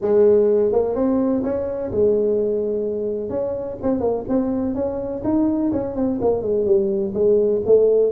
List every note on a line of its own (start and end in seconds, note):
0.01 0.72 G#3
0.72 0.95 A#3
0.95 1.43 C4
1.43 1.91 C#4
1.91 3.29 G#3
3.29 3.77 C#4
3.82 4.00 C4
4.00 4.24 A#3
4.28 4.74 C4
4.74 5.22 C#4
5.24 5.71 D#4
5.72 5.95 C#4
5.95 6.19 C4
6.21 6.42 A#3
6.42 6.65 G#3
6.65 7.13 G3
7.13 7.61 G#3
7.65 8.11 A3